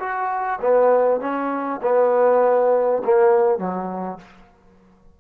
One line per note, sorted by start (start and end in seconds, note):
0.00 0.60 F#4
0.61 1.21 B3
1.21 1.81 C#4
1.83 3.03 B3
3.05 3.59 A#3
3.59 4.19 F#3